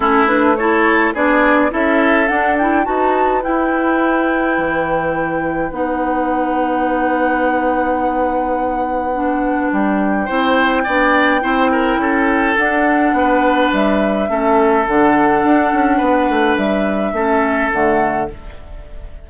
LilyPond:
<<
  \new Staff \with { instrumentName = "flute" } { \time 4/4 \tempo 4 = 105 a'8 b'8 cis''4 d''4 e''4 | fis''8 g''8 a''4 g''2~ | g''2 fis''2~ | fis''1~ |
fis''4 g''2.~ | g''2 fis''2 | e''2 fis''2~ | fis''4 e''2 fis''4 | }
  \new Staff \with { instrumentName = "oboe" } { \time 4/4 e'4 a'4 gis'4 a'4~ | a'4 b'2.~ | b'1~ | b'1~ |
b'2 c''4 d''4 | c''8 ais'8 a'2 b'4~ | b'4 a'2. | b'2 a'2 | }
  \new Staff \with { instrumentName = "clarinet" } { \time 4/4 cis'8 d'8 e'4 d'4 e'4 | d'8 e'8 fis'4 e'2~ | e'2 dis'2~ | dis'1 |
d'2 e'4 d'4 | e'2 d'2~ | d'4 cis'4 d'2~ | d'2 cis'4 a4 | }
  \new Staff \with { instrumentName = "bassoon" } { \time 4/4 a2 b4 cis'4 | d'4 dis'4 e'2 | e2 b2~ | b1~ |
b4 g4 c'4 b4 | c'4 cis'4 d'4 b4 | g4 a4 d4 d'8 cis'8 | b8 a8 g4 a4 d4 | }
>>